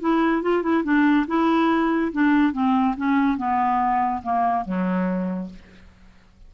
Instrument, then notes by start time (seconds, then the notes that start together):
clarinet
0.00 E4
0.42 F4
0.62 E4
0.84 D4
1.27 E4
2.12 D4
2.52 C4
2.97 C#4
3.37 B3
4.23 A#3
4.65 F#3